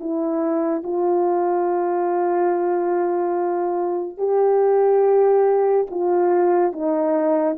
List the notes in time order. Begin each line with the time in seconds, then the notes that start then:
0.00 E4
0.83 F4
4.17 G4
5.90 F4
6.72 D#4